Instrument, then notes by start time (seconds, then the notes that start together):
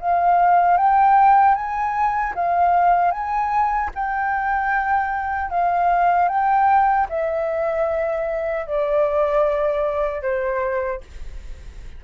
flute
0.00 F5
0.77 G5
1.55 G#5
2.35 F5
3.11 G#5
3.95 G5
5.50 F5
6.28 G5
7.09 E5
8.66 D5
10.22 C5